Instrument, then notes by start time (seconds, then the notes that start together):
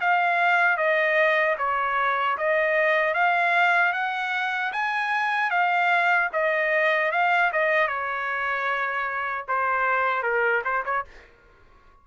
trumpet
0.00 F5
0.77 D#5
1.58 C#5
2.38 D#5
3.14 F5
3.93 F#5
4.72 G#5
5.50 F5
6.33 D#5
7.12 F5
7.52 D#5
7.88 C#5
9.48 C5
10.23 A#4
10.64 C5
10.85 C#5